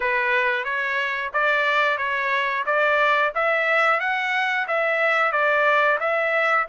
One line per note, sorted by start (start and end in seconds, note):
0.00 0.64 B4
0.64 1.31 C#5
1.33 1.97 D5
1.97 2.64 C#5
2.65 3.32 D5
3.35 4.00 E5
4.00 4.66 F#5
4.67 5.32 E5
5.32 5.98 D5
5.99 6.66 E5